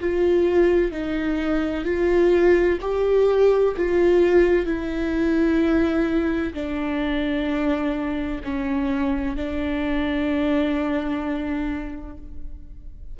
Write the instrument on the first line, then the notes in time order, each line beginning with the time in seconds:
viola
0.00 F4
0.92 D#4
1.85 F4
2.81 G4
3.77 F4
4.66 E4
6.54 D4
8.44 C#4
9.36 D4